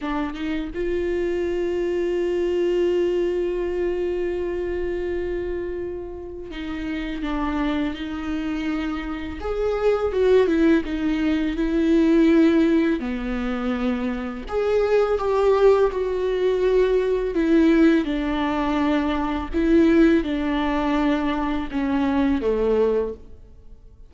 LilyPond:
\new Staff \with { instrumentName = "viola" } { \time 4/4 \tempo 4 = 83 d'8 dis'8 f'2.~ | f'1~ | f'4 dis'4 d'4 dis'4~ | dis'4 gis'4 fis'8 e'8 dis'4 |
e'2 b2 | gis'4 g'4 fis'2 | e'4 d'2 e'4 | d'2 cis'4 a4 | }